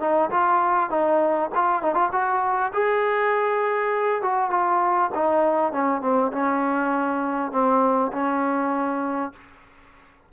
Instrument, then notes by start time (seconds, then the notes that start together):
trombone
0.00 D#4
0.31 F4
0.90 D#4
1.55 F4
1.82 D#4
1.94 F4
2.12 F#4
2.74 G#4
4.22 F#4
4.50 F4
5.14 D#4
5.72 C#4
6.01 C4
6.32 C#4
7.52 C4
8.12 C#4